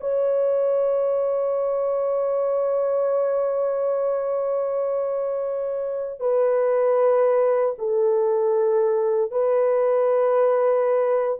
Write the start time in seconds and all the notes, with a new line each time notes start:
0.00 C#5
6.20 B4
7.78 A4
9.31 B4